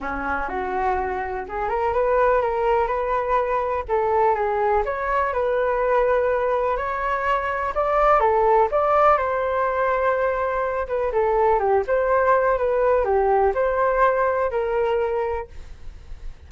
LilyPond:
\new Staff \with { instrumentName = "flute" } { \time 4/4 \tempo 4 = 124 cis'4 fis'2 gis'8 ais'8 | b'4 ais'4 b'2 | a'4 gis'4 cis''4 b'4~ | b'2 cis''2 |
d''4 a'4 d''4 c''4~ | c''2~ c''8 b'8 a'4 | g'8 c''4. b'4 g'4 | c''2 ais'2 | }